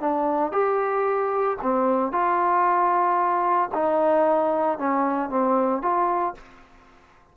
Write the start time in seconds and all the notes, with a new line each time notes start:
0.00 D4
0.52 G4
1.62 C4
2.12 F4
3.74 D#4
4.78 C#4
5.30 C4
5.82 F4